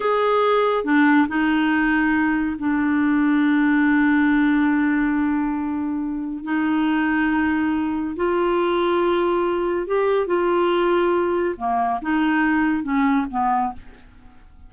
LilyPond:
\new Staff \with { instrumentName = "clarinet" } { \time 4/4 \tempo 4 = 140 gis'2 d'4 dis'4~ | dis'2 d'2~ | d'1~ | d'2. dis'4~ |
dis'2. f'4~ | f'2. g'4 | f'2. ais4 | dis'2 cis'4 b4 | }